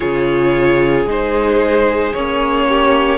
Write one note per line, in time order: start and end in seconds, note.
0.00 1.06 C#3
0.00 1.06 F4
0.00 2.67 G#4
0.00 1.07 C#5
1.06 2.13 G#3
1.06 2.13 D#4
1.06 2.13 C5
2.13 3.17 A#3
2.13 3.17 C#4
2.13 3.17 C#5
2.68 3.17 G4